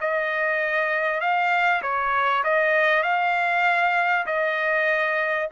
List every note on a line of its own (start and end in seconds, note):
0.00 1.20 D#5
1.20 1.81 F5
1.82 2.43 C#5
2.44 3.03 D#5
3.03 4.25 F5
4.26 5.48 D#5